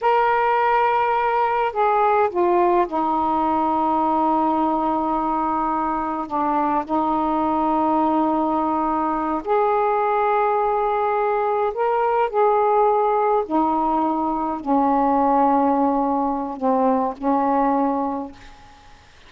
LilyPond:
\new Staff \with { instrumentName = "saxophone" } { \time 4/4 \tempo 4 = 105 ais'2. gis'4 | f'4 dis'2.~ | dis'2. d'4 | dis'1~ |
dis'8 gis'2.~ gis'8~ | gis'8 ais'4 gis'2 dis'8~ | dis'4. cis'2~ cis'8~ | cis'4 c'4 cis'2 | }